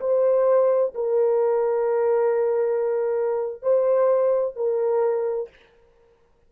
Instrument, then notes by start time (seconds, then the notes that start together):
horn
0.00 C5
0.94 A#4
3.62 C5
4.56 A#4